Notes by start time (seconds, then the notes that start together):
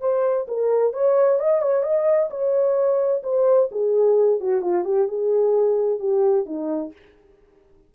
0.00 C5
0.47 A#4
0.93 C#5
1.39 D#5
1.61 C#5
1.83 D#5
2.30 C#5
3.23 C5
3.71 G#4
4.40 F#4
4.61 F4
4.84 G4
5.07 G#4
5.99 G4
6.46 D#4